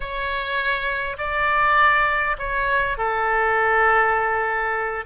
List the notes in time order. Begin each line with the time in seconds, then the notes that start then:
0.00 C#5
1.18 D5
2.38 C#5
2.97 A4